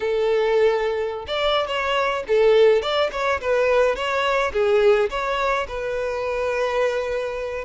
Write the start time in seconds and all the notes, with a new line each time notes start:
0.00 A4
1.27 D5
1.67 C#5
2.27 A4
2.81 D5
3.12 C#5
3.40 B4
3.95 C#5
4.53 G#4
5.10 C#5
5.68 B4